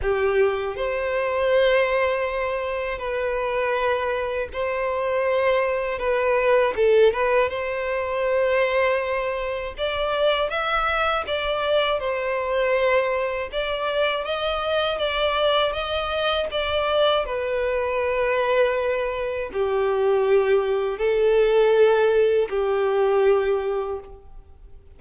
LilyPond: \new Staff \with { instrumentName = "violin" } { \time 4/4 \tempo 4 = 80 g'4 c''2. | b'2 c''2 | b'4 a'8 b'8 c''2~ | c''4 d''4 e''4 d''4 |
c''2 d''4 dis''4 | d''4 dis''4 d''4 b'4~ | b'2 g'2 | a'2 g'2 | }